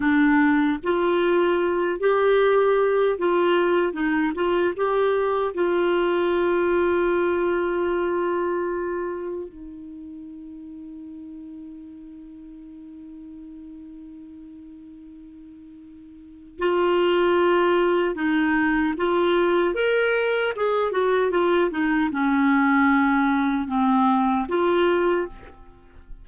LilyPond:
\new Staff \with { instrumentName = "clarinet" } { \time 4/4 \tempo 4 = 76 d'4 f'4. g'4. | f'4 dis'8 f'8 g'4 f'4~ | f'1 | dis'1~ |
dis'1~ | dis'4 f'2 dis'4 | f'4 ais'4 gis'8 fis'8 f'8 dis'8 | cis'2 c'4 f'4 | }